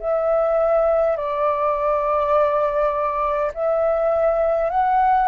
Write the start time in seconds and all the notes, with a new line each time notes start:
0.00 E5
1.17 D5
3.55 E5
4.71 F#5